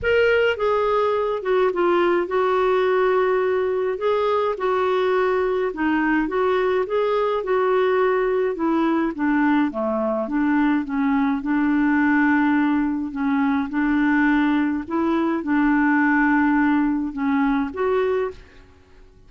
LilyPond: \new Staff \with { instrumentName = "clarinet" } { \time 4/4 \tempo 4 = 105 ais'4 gis'4. fis'8 f'4 | fis'2. gis'4 | fis'2 dis'4 fis'4 | gis'4 fis'2 e'4 |
d'4 a4 d'4 cis'4 | d'2. cis'4 | d'2 e'4 d'4~ | d'2 cis'4 fis'4 | }